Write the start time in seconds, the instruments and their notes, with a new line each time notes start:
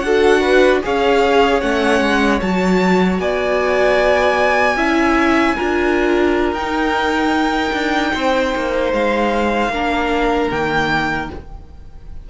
0.00 cello D4, viola F#4, violin A4 F#5
0.41 violin B4
0.83 cello C#4, viola G#4, violin C#5 F5
1.61 cello A3, viola C#4, violin F#5
2.01 cello G#3
2.42 cello F#3, viola F#4, violin A5
3.20 cello B3, violin D5 G#5
4.76 cello C#4, viola E4, violin E5
5.55 cello D4, viola F4, violin A#4
6.53 cello D#4, viola D#4, violin G5
7.73 cello D4
8.14 cello C4, violin C5
8.55 cello A#3
8.93 cello G#3, violin F5
9.69 cello A#3, viola D4, violin A#4
10.50 cello D#3, viola A#3, violin G5